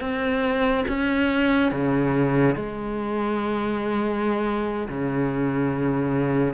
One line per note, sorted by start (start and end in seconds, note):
0.00 0.85 C4
0.88 1.71 C#4
1.71 2.55 C#3
2.55 4.88 G#3
4.88 6.54 C#3